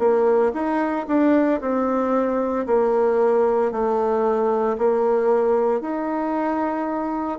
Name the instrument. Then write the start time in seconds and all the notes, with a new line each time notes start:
bassoon
0.00 A#3
0.54 D#4
1.08 D4
1.61 C4
2.67 A#3
3.72 A3
4.78 A#3
5.81 D#4